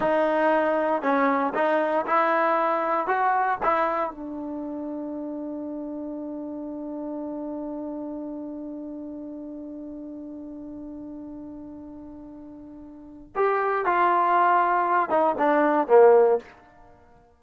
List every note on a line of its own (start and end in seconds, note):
0.00 1.02 D#4
1.02 1.53 C#4
1.54 2.05 D#4
2.06 3.07 E4
3.07 3.58 F#4
3.62 4.10 E4
4.10 13.33 D4
13.35 13.85 G4
13.85 15.09 F4
15.09 15.35 D#4
15.38 15.87 D4
15.87 16.38 A#3